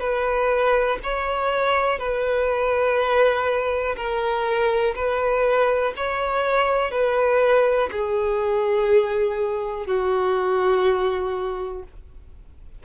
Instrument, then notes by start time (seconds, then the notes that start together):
violin
0.00 B4
1.03 C#5
1.99 B4
3.96 A#4
4.95 B4
5.96 C#5
6.91 B4
7.91 G#4
9.86 F#4